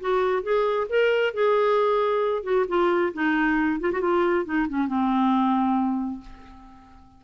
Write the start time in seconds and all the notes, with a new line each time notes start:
0.00 F#4
0.42 G#4
0.89 A#4
1.33 G#4
2.43 F#4
2.68 F4
3.13 D#4
3.80 F4
3.92 F#4
4.01 F4
4.45 D#4
4.68 C#4
4.87 C4